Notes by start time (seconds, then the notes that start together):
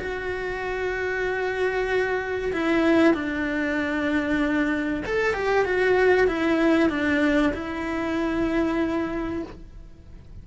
0.00 F#4
2.53 E4
3.14 D4
5.06 A4
5.34 G4
5.66 F#4
6.28 E4
6.90 D4
7.54 E4